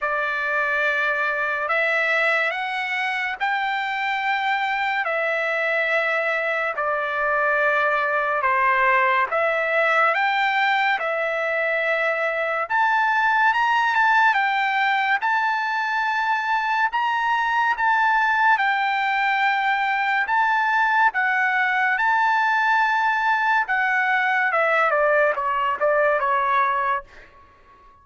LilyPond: \new Staff \with { instrumentName = "trumpet" } { \time 4/4 \tempo 4 = 71 d''2 e''4 fis''4 | g''2 e''2 | d''2 c''4 e''4 | g''4 e''2 a''4 |
ais''8 a''8 g''4 a''2 | ais''4 a''4 g''2 | a''4 fis''4 a''2 | fis''4 e''8 d''8 cis''8 d''8 cis''4 | }